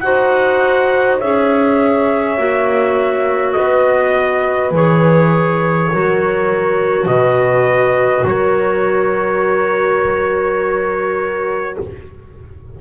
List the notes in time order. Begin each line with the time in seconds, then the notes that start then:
0.00 D#4 F#4 C5 F#5
1.20 C#4 G#4 C#5 E5
2.37 A#3 F#4
3.52 B3 B4 D#5
4.71 E3 G#4 C#5
5.92 F#3 F#4 A#4
7.06 B2 B4 D#5
8.24 F#3 A#4 C#5